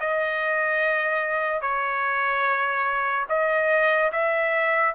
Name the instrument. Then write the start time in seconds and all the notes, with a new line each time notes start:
trumpet
0.00 D#5
1.61 C#5
3.29 D#5
4.12 E5